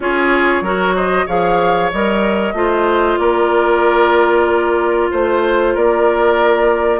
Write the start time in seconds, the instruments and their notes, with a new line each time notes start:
0.00 bassoon C#4, clarinet F4, oboe G#4, flute C#5
0.61 bassoon F#3, clarinet F#4, oboe A#4
0.95 oboe C5, flute D#5
1.26 bassoon F3, clarinet G#4, oboe C#5, flute F5
1.91 bassoon G3, clarinet A#4, flute D#5
2.53 bassoon A3, clarinet F4, oboe C5
3.18 bassoon A#3, oboe A#4, flute D5
5.10 bassoon A3, oboe C5, flute C5
5.74 bassoon A#3, oboe A#4, flute D5